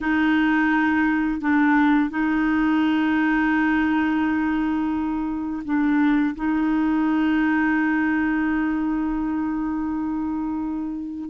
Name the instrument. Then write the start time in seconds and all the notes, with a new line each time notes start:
clarinet
0.00 D#4
1.41 D4
2.10 D#4
5.64 D4
6.35 D#4